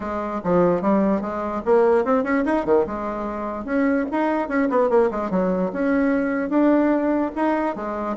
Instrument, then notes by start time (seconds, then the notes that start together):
bassoon
0.00 G#3
0.43 F3
0.81 G3
1.21 G#3
1.65 A#3
2.04 C4
2.23 C#4
2.45 D#4
2.65 D#3
2.86 G#3
3.64 C#4
4.11 D#4
4.48 C#4
4.69 B3
4.89 A#3
5.11 G#3
5.30 F#3
5.72 C#4
6.49 D4
7.35 D#4
7.75 G#3